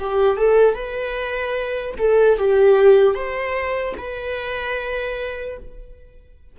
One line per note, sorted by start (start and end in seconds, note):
0.00 0.37 G4
0.37 0.75 A4
0.75 1.95 B4
1.99 2.39 A4
2.39 3.15 G4
3.15 3.95 C5
3.98 5.58 B4